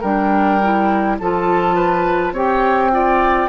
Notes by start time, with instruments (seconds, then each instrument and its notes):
0.00 bassoon G3, clarinet D4, oboe A#4, flute G5
0.62 clarinet E4
1.18 bassoon F3, clarinet F4, oboe A4, flute A5
1.75 oboe B4
2.32 bassoon C4, clarinet G4, oboe C#5, flute G5
2.91 clarinet F4, oboe D5